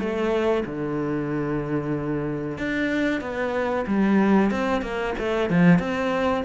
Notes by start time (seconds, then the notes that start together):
0.00 A3
0.66 D3
2.58 D4
3.21 B3
3.87 G3
4.51 C4
4.82 A#3
5.19 A3
5.50 F3
5.79 C4